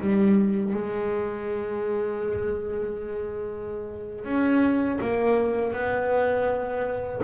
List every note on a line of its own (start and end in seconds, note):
0.00 0.74 G3
0.74 4.25 G#3
4.25 4.99 C#4
5.01 5.73 A#3
5.73 7.21 B3